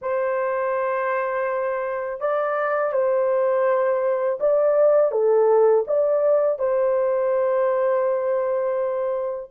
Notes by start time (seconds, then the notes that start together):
0.01 C5
2.20 D5
2.92 C5
4.40 D5
5.11 A4
5.87 D5
6.58 C5